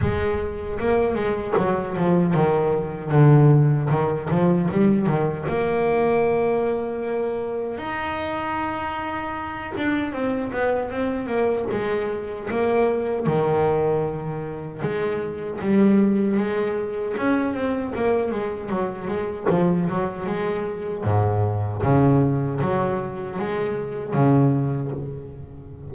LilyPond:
\new Staff \with { instrumentName = "double bass" } { \time 4/4 \tempo 4 = 77 gis4 ais8 gis8 fis8 f8 dis4 | d4 dis8 f8 g8 dis8 ais4~ | ais2 dis'2~ | dis'8 d'8 c'8 b8 c'8 ais8 gis4 |
ais4 dis2 gis4 | g4 gis4 cis'8 c'8 ais8 gis8 | fis8 gis8 f8 fis8 gis4 gis,4 | cis4 fis4 gis4 cis4 | }